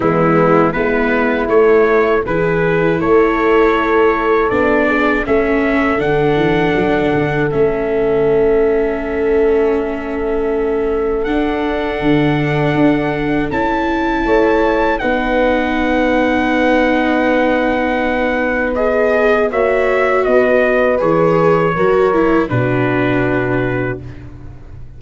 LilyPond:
<<
  \new Staff \with { instrumentName = "trumpet" } { \time 4/4 \tempo 4 = 80 e'4 b'4 cis''4 b'4 | cis''2 d''4 e''4 | fis''2 e''2~ | e''2. fis''4~ |
fis''2 a''2 | fis''1~ | fis''4 dis''4 e''4 dis''4 | cis''2 b'2 | }
  \new Staff \with { instrumentName = "horn" } { \time 4/4 b4 e'2 gis'4 | a'2~ a'8 gis'8 a'4~ | a'1~ | a'1~ |
a'2. cis''4 | b'1~ | b'2 cis''4 b'4~ | b'4 ais'4 fis'2 | }
  \new Staff \with { instrumentName = "viola" } { \time 4/4 gis4 b4 a4 e'4~ | e'2 d'4 cis'4 | d'2 cis'2~ | cis'2. d'4~ |
d'2 e'2 | dis'1~ | dis'4 gis'4 fis'2 | gis'4 fis'8 e'8 d'2 | }
  \new Staff \with { instrumentName = "tuba" } { \time 4/4 e4 gis4 a4 e4 | a2 b4 a4 | d8 e8 fis8 d8 a2~ | a2. d'4 |
d4 d'4 cis'4 a4 | b1~ | b2 ais4 b4 | e4 fis4 b,2 | }
>>